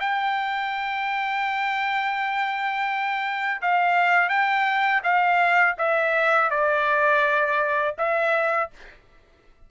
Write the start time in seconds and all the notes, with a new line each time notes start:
0.00 G5
3.62 F5
4.29 G5
5.04 F5
5.78 E5
6.51 D5
7.98 E5